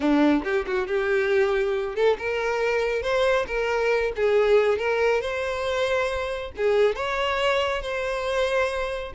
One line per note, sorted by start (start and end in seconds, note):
0.00 0.43 D4
0.43 0.65 G4
0.66 0.87 F#4
0.87 1.95 G4
1.95 2.17 A4
2.18 3.02 A#4
3.02 3.45 C5
3.47 4.12 A#4
4.16 4.78 G#4
4.78 5.21 A#4
5.21 6.51 C5
6.56 6.95 G#4
6.95 7.82 C#5
7.82 9.12 C5